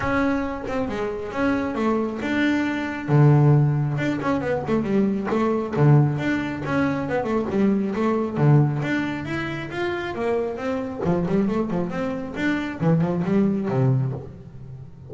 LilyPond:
\new Staff \with { instrumentName = "double bass" } { \time 4/4 \tempo 4 = 136 cis'4. c'8 gis4 cis'4 | a4 d'2 d4~ | d4 d'8 cis'8 b8 a8 g4 | a4 d4 d'4 cis'4 |
b8 a8 g4 a4 d4 | d'4 e'4 f'4 ais4 | c'4 f8 g8 a8 f8 c'4 | d'4 e8 f8 g4 c4 | }